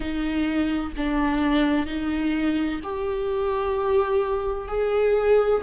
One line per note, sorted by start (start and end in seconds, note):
0.00 0.92 D#4
0.96 1.86 D4
1.86 2.80 D#4
2.83 4.67 G4
4.67 5.61 G#4